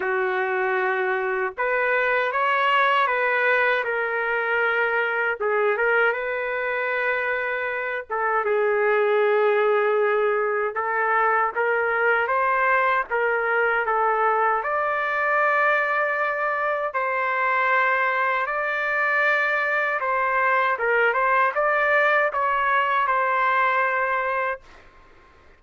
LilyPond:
\new Staff \with { instrumentName = "trumpet" } { \time 4/4 \tempo 4 = 78 fis'2 b'4 cis''4 | b'4 ais'2 gis'8 ais'8 | b'2~ b'8 a'8 gis'4~ | gis'2 a'4 ais'4 |
c''4 ais'4 a'4 d''4~ | d''2 c''2 | d''2 c''4 ais'8 c''8 | d''4 cis''4 c''2 | }